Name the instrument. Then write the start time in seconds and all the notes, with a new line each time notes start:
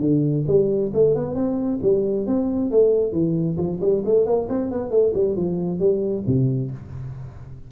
tuba
0.00 D3
0.47 G3
0.94 A3
1.15 B3
1.35 C4
1.82 G3
2.26 C4
2.71 A3
3.12 E3
3.57 F3
3.81 G3
4.05 A3
4.26 A#3
4.49 C4
4.71 B3
4.90 A3
5.14 G3
5.36 F3
5.79 G3
6.26 C3